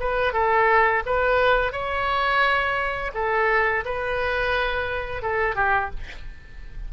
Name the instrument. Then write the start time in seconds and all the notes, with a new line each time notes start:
oboe
0.00 B4
0.33 A4
1.06 B4
1.72 C#5
3.15 A4
3.85 B4
5.22 A4
5.56 G4